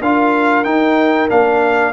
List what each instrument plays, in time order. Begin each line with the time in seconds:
0.00 tuba D4, trombone F4, horn A#4, trumpet F5
0.64 tuba D#4, trombone D#4, trumpet G5
1.29 tuba A#3, trombone D4, trumpet F5